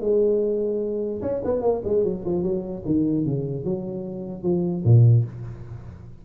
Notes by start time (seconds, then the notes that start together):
0.00 G#3
1.21 C#4
1.44 B3
1.61 A#3
1.84 G#3
2.04 F#3
2.25 F3
2.42 F#3
2.85 D#3
3.25 C#3
3.64 F#3
4.42 F3
4.84 A#2